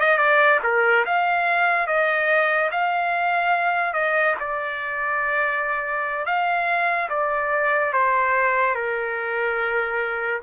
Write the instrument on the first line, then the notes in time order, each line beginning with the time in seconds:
trumpet
0.00 D#5
0.18 D5
0.63 A#4
1.05 F5
1.87 D#5
2.71 F5
3.93 D#5
4.39 D5
6.25 F5
7.09 D5
7.93 C5
8.75 A#4